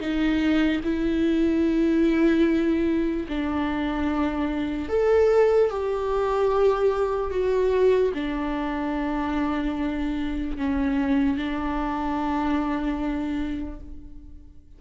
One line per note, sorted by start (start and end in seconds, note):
0.00 0.81 D#4
0.84 3.27 E4
3.28 4.89 D4
4.89 5.70 A4
5.70 7.31 G4
7.31 8.12 F#4
8.14 10.57 D4
10.57 11.37 C#4
11.37 13.80 D4